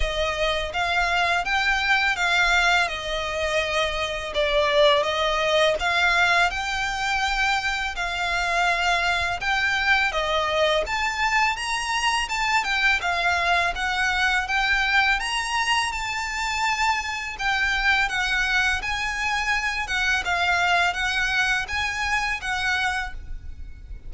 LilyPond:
\new Staff \with { instrumentName = "violin" } { \time 4/4 \tempo 4 = 83 dis''4 f''4 g''4 f''4 | dis''2 d''4 dis''4 | f''4 g''2 f''4~ | f''4 g''4 dis''4 a''4 |
ais''4 a''8 g''8 f''4 fis''4 | g''4 ais''4 a''2 | g''4 fis''4 gis''4. fis''8 | f''4 fis''4 gis''4 fis''4 | }